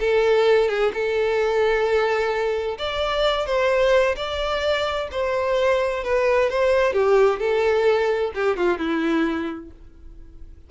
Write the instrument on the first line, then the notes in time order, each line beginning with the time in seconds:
violin
0.00 A4
0.69 G#4
0.94 A4
2.78 D5
3.47 C5
4.16 D5
5.12 C5
6.04 B4
6.50 C5
6.94 G4
7.40 A4
8.35 G4
8.57 F4
8.78 E4